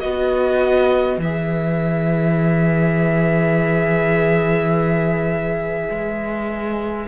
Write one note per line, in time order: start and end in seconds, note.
0.00 1.18 B3
0.00 1.19 F#4
0.00 7.08 B4
0.00 1.18 D#5
1.18 5.89 E3
1.18 7.08 G#4
1.18 7.08 E5
5.90 7.08 G#3